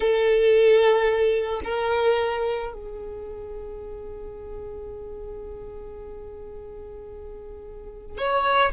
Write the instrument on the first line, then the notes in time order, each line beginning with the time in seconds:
violin
0.00 A4
1.64 A#4
2.73 G#4
8.17 C#5